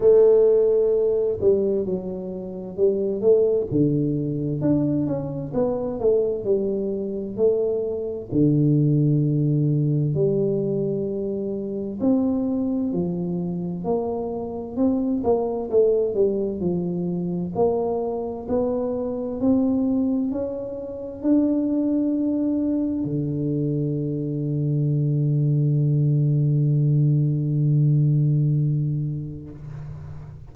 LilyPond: \new Staff \with { instrumentName = "tuba" } { \time 4/4 \tempo 4 = 65 a4. g8 fis4 g8 a8 | d4 d'8 cis'8 b8 a8 g4 | a4 d2 g4~ | g4 c'4 f4 ais4 |
c'8 ais8 a8 g8 f4 ais4 | b4 c'4 cis'4 d'4~ | d'4 d2.~ | d1 | }